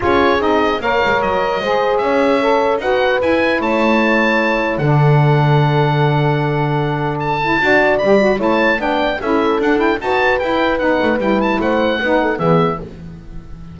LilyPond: <<
  \new Staff \with { instrumentName = "oboe" } { \time 4/4 \tempo 4 = 150 cis''4 dis''4 f''4 dis''4~ | dis''4 e''2 fis''4 | gis''4 a''2. | fis''1~ |
fis''2 a''2 | b''4 a''4 g''4 e''4 | fis''8 g''8 a''4 g''4 fis''4 | g''8 a''8 fis''2 e''4 | }
  \new Staff \with { instrumentName = "horn" } { \time 4/4 gis'2 cis''2 | c''4 cis''2 b'4~ | b'4 cis''2. | a'1~ |
a'2. d''4~ | d''4 cis''4 d''4 a'4~ | a'4 b'2.~ | b'4 c''4 b'8 a'8 gis'4 | }
  \new Staff \with { instrumentName = "saxophone" } { \time 4/4 f'4 dis'4 ais'2 | gis'2 a'4 fis'4 | e'1 | d'1~ |
d'2~ d'8 e'8 fis'4 | g'8 fis'8 e'4 d'4 e'4 | d'8 e'8 fis'4 e'4 dis'4 | e'2 dis'4 b4 | }
  \new Staff \with { instrumentName = "double bass" } { \time 4/4 cis'4 c'4 ais8 gis8 fis4 | gis4 cis'2 dis'4 | e'4 a2. | d1~ |
d2. d'4 | g4 a4 b4 cis'4 | d'4 dis'4 e'4 b8 a8 | g4 a4 b4 e4 | }
>>